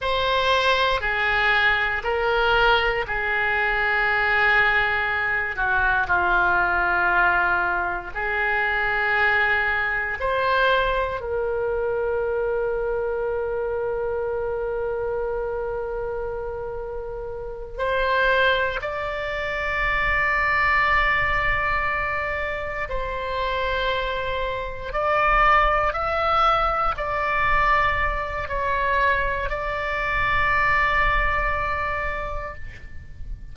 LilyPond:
\new Staff \with { instrumentName = "oboe" } { \time 4/4 \tempo 4 = 59 c''4 gis'4 ais'4 gis'4~ | gis'4. fis'8 f'2 | gis'2 c''4 ais'4~ | ais'1~ |
ais'4. c''4 d''4.~ | d''2~ d''8 c''4.~ | c''8 d''4 e''4 d''4. | cis''4 d''2. | }